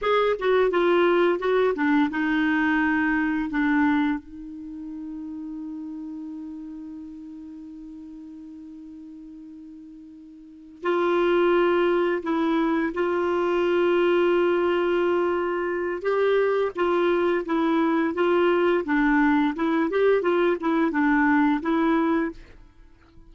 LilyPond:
\new Staff \with { instrumentName = "clarinet" } { \time 4/4 \tempo 4 = 86 gis'8 fis'8 f'4 fis'8 d'8 dis'4~ | dis'4 d'4 dis'2~ | dis'1~ | dis'2.~ dis'8 f'8~ |
f'4. e'4 f'4.~ | f'2. g'4 | f'4 e'4 f'4 d'4 | e'8 g'8 f'8 e'8 d'4 e'4 | }